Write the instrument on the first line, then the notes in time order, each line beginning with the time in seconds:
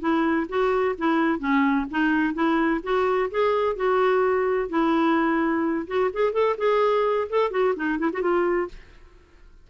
clarinet
0.00 E4
0.49 F#4
0.98 E4
1.39 C#4
1.91 D#4
2.34 E4
2.83 F#4
3.31 G#4
3.76 F#4
4.69 E4
5.87 F#4
6.13 G#4
6.33 A4
6.58 G#4
7.30 A4
7.51 F#4
7.76 D#4
7.99 E4
8.13 F#4
8.22 F4